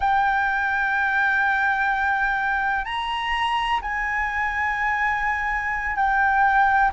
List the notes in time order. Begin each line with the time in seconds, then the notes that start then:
0.00 G5
2.84 A#5
3.81 G#5
5.95 G5